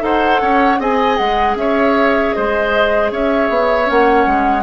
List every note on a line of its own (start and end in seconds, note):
0.00 0.40 D#4
0.00 0.77 A4
0.00 0.42 C5
0.00 0.81 F#5
0.42 0.79 C#4
0.42 0.80 C#5
0.79 1.18 C4
0.79 3.86 G#4
0.79 1.57 D#5
0.79 1.17 G#5
1.17 1.56 G#3
1.17 1.56 F#5
1.56 2.33 C#4
1.56 2.36 C#5
1.56 2.34 E5
2.34 3.12 G#3
2.34 3.12 C5
2.34 3.11 D#5
3.12 3.50 C#4
3.12 4.63 C#5
3.12 3.90 E5
3.50 3.88 B3
3.86 4.26 A#3
3.86 4.63 C#4
3.86 4.63 F#5
4.26 4.63 G#3